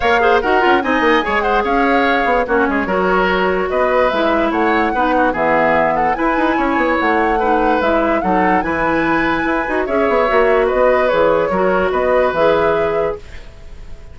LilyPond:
<<
  \new Staff \with { instrumentName = "flute" } { \time 4/4 \tempo 4 = 146 f''4 fis''4 gis''4. fis''8 | f''2 cis''2~ | cis''4 dis''4 e''4 fis''4~ | fis''4 e''4. fis''8 gis''4~ |
gis''4 fis''2 e''4 | fis''4 gis''2. | e''2 dis''4 cis''4~ | cis''4 dis''4 e''2 | }
  \new Staff \with { instrumentName = "oboe" } { \time 4/4 cis''8 c''8 ais'4 dis''4 cis''8 c''8 | cis''2 fis'8 gis'8 ais'4~ | ais'4 b'2 cis''4 | b'8 fis'8 gis'4. a'8 b'4 |
cis''2 b'2 | a'4 b'2. | cis''2 b'2 | ais'4 b'2. | }
  \new Staff \with { instrumentName = "clarinet" } { \time 4/4 ais'8 gis'8 fis'8 f'8 dis'4 gis'4~ | gis'2 cis'4 fis'4~ | fis'2 e'2 | dis'4 b2 e'4~ |
e'2 dis'4 e'4 | dis'4 e'2~ e'8 fis'8 | gis'4 fis'2 gis'4 | fis'2 gis'2 | }
  \new Staff \with { instrumentName = "bassoon" } { \time 4/4 ais4 dis'8 cis'8 c'8 ais8 gis4 | cis'4. b8 ais8 gis8 fis4~ | fis4 b4 gis4 a4 | b4 e2 e'8 dis'8 |
cis'8 b8 a2 gis4 | fis4 e2 e'8 dis'8 | cis'8 b8 ais4 b4 e4 | fis4 b4 e2 | }
>>